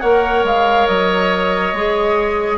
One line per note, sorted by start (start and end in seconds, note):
0.00 0.43 A#3
0.00 1.73 A#4
0.00 2.57 C#5
0.00 0.43 F#5
0.43 0.86 G#3
0.43 0.87 F5
0.87 1.73 F#3
0.87 2.57 D#5
1.73 2.57 G#3
1.73 2.57 G#4